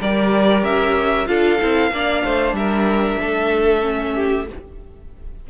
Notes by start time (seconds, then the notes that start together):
0.00 G3 G4 A#4 D5
0.63 C#4 E5
1.26 D4 F4 A4 F5
1.60 C4 E4
1.91 A#3 D4 D5
2.24 A3 C5
2.53 G3 A#4 E5
3.20 A3 A4
3.81 C#4
4.14 G4